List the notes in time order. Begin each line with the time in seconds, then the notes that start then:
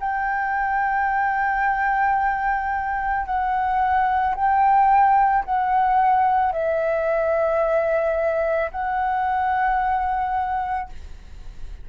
0.00 G5
3.26 F#5
4.35 G5
5.45 F#5
6.53 E5
8.71 F#5